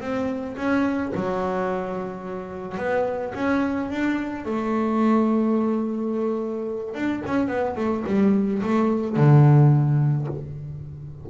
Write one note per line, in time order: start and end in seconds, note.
0.00 0.56 C4
0.56 1.12 C#4
1.15 2.77 F#3
2.77 3.33 B3
3.34 3.89 C#4
3.90 4.45 D4
4.45 6.94 A3
6.94 7.22 D4
7.26 7.47 C#4
7.47 7.75 B3
7.76 8.03 A3
8.06 8.61 G3
8.62 9.16 A3
9.16 10.27 D3